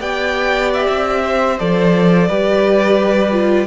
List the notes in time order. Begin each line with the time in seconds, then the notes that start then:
0.00 B3 G4 D5 G5
0.74 E5
0.89 C4
1.24 C5
1.59 F3 A4 D5
2.28 G3 G4 B4
3.32 F4